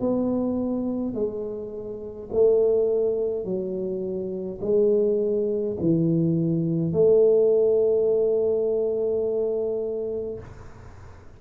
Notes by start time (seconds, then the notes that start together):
0.00 B3
1.14 G#3
2.32 A3
3.44 F#3
4.61 G#3
5.80 E3
6.93 A3